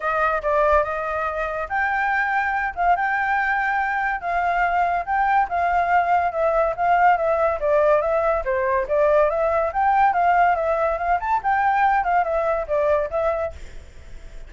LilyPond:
\new Staff \with { instrumentName = "flute" } { \time 4/4 \tempo 4 = 142 dis''4 d''4 dis''2 | g''2~ g''8 f''8 g''4~ | g''2 f''2 | g''4 f''2 e''4 |
f''4 e''4 d''4 e''4 | c''4 d''4 e''4 g''4 | f''4 e''4 f''8 a''8 g''4~ | g''8 f''8 e''4 d''4 e''4 | }